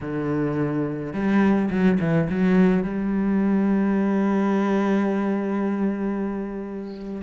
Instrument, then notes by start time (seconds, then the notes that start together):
cello
0.00 D3
1.13 G3
1.70 F#3
2.00 E3
2.29 F#3
2.83 G3